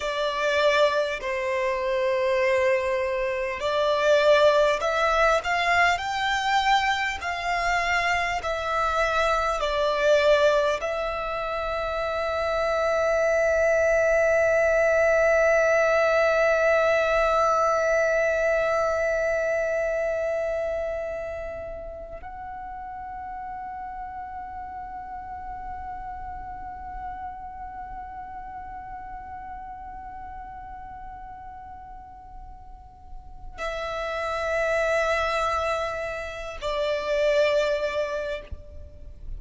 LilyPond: \new Staff \with { instrumentName = "violin" } { \time 4/4 \tempo 4 = 50 d''4 c''2 d''4 | e''8 f''8 g''4 f''4 e''4 | d''4 e''2.~ | e''1~ |
e''2~ e''8 fis''4.~ | fis''1~ | fis''1 | e''2~ e''8 d''4. | }